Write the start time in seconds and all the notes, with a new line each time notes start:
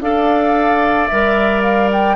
0.00 D4 A4 D5 F5
1.07 G3 A#4 E5
1.62 F5
1.92 G5